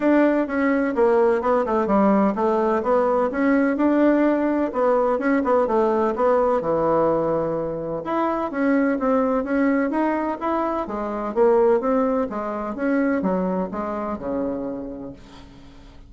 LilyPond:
\new Staff \with { instrumentName = "bassoon" } { \time 4/4 \tempo 4 = 127 d'4 cis'4 ais4 b8 a8 | g4 a4 b4 cis'4 | d'2 b4 cis'8 b8 | a4 b4 e2~ |
e4 e'4 cis'4 c'4 | cis'4 dis'4 e'4 gis4 | ais4 c'4 gis4 cis'4 | fis4 gis4 cis2 | }